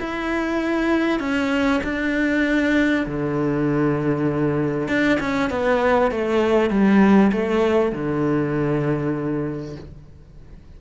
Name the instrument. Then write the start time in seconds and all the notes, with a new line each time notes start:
cello
0.00 E4
1.20 C#4
1.83 D4
3.06 D3
4.88 D4
5.20 C#4
5.50 B3
6.11 A3
6.70 G3
7.32 A3
7.92 D3